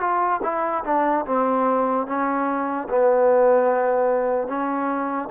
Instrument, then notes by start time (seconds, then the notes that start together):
trombone
0.00 F4
0.43 E4
0.84 D4
1.25 C4
2.07 C#4
2.89 B3
4.47 C#4